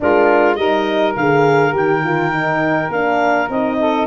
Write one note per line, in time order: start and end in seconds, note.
0.00 0.57 G#3
0.00 0.57 D4
0.00 0.57 F4
0.00 0.55 A#4
0.55 1.15 G3
0.55 1.16 D#4
0.55 3.78 A#4
0.55 1.13 D#5
1.16 1.74 D3
1.16 1.71 G#4
1.16 1.74 F5
1.71 2.88 D#3
1.71 2.00 G4
1.71 2.90 G5
2.04 2.32 F4
2.32 2.90 D#4
2.88 3.47 A#3
2.88 3.50 D4
2.88 3.49 F5
3.49 4.07 C4
3.49 4.07 D#4
3.49 4.07 D#5
3.79 4.07 A4